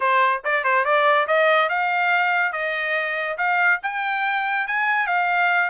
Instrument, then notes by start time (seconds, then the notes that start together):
trumpet
0.00 C5
0.44 D5
0.64 C5
0.84 D5
1.27 D#5
1.69 F5
2.52 D#5
3.37 F5
3.83 G5
4.67 G#5
5.06 F5